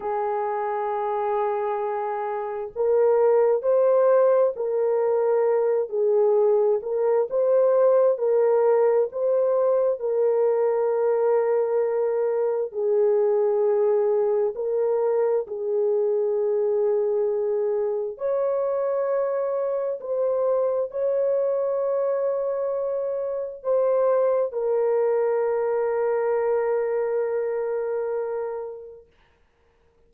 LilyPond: \new Staff \with { instrumentName = "horn" } { \time 4/4 \tempo 4 = 66 gis'2. ais'4 | c''4 ais'4. gis'4 ais'8 | c''4 ais'4 c''4 ais'4~ | ais'2 gis'2 |
ais'4 gis'2. | cis''2 c''4 cis''4~ | cis''2 c''4 ais'4~ | ais'1 | }